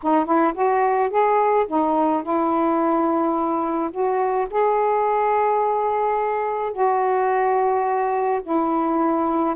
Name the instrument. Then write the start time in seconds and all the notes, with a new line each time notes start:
saxophone
0.02 D#4
0.25 E4
0.54 F#4
1.10 G#4
1.67 D#4
2.22 E4
3.91 F#4
4.50 G#4
6.72 F#4
8.43 E4